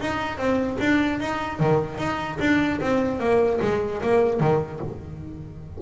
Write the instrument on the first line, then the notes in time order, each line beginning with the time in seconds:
double bass
0.00 D#4
0.37 C4
0.80 D4
1.20 D#4
1.59 D#3
1.98 D#4
2.40 D4
2.81 C4
3.19 A#3
3.61 G#3
4.02 A#3
4.40 D#3